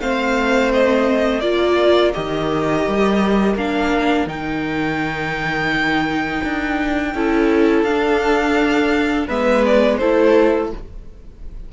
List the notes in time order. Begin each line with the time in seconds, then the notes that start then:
0.00 A3 C4 C5 F5
0.74 D#5
1.41 A#3 F4 A#4 D5
2.14 D#3 G4 D#5
2.87 G3
3.55 A#3 D4 F5
4.26 D#3 D#4 G5
6.44 D4
7.14 C#4 E4 A4
7.83 D4 F5
9.27 G#3 B3 B4 E5
9.66 D5
9.97 A3 E4 A4 C5